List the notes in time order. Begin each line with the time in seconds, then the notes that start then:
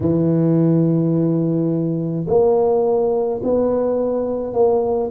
0.00 E3
2.27 A#3
3.43 B3
4.53 A#3